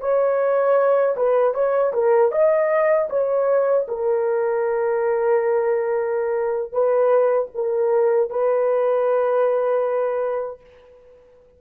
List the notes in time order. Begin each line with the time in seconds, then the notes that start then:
0.00 C#5
1.16 B4
1.55 C#5
1.93 A#4
2.32 D#5
3.10 C#5
3.88 A#4
6.72 B4
7.55 A#4
8.30 B4